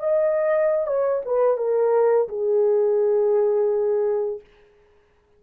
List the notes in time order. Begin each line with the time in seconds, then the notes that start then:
0.00 D#5
0.87 C#5
1.25 B4
1.58 A#4
2.29 G#4